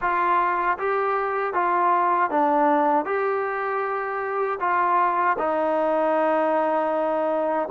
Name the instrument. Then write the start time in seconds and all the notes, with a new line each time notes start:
trombone
0.01 F4
0.78 G4
1.53 F4
2.30 D4
3.05 G4
4.60 F4
5.38 D#4